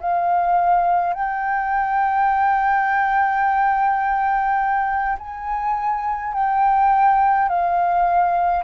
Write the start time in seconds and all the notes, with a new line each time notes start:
0.00 F5
1.13 G5
5.18 G#5
6.34 G5
7.48 F5